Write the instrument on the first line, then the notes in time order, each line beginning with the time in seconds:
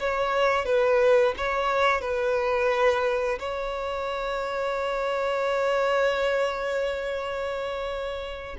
violin
0.00 C#5
0.66 B4
1.38 C#5
2.01 B4
3.39 C#5